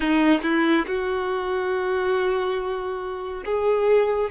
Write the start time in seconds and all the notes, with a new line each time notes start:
0.00 D#4
0.42 E4
0.86 F#4
3.45 G#4